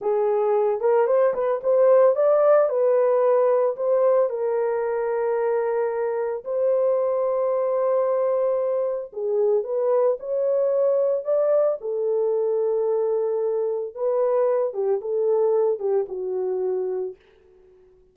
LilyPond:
\new Staff \with { instrumentName = "horn" } { \time 4/4 \tempo 4 = 112 gis'4. ais'8 c''8 b'8 c''4 | d''4 b'2 c''4 | ais'1 | c''1~ |
c''4 gis'4 b'4 cis''4~ | cis''4 d''4 a'2~ | a'2 b'4. g'8 | a'4. g'8 fis'2 | }